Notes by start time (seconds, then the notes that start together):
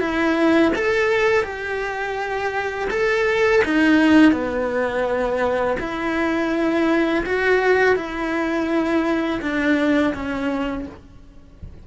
0.00 E4
0.75 A4
1.43 G4
2.90 A4
3.65 D#4
4.32 B3
5.80 E4
7.26 F#4
7.96 E4
9.41 D4
10.14 C#4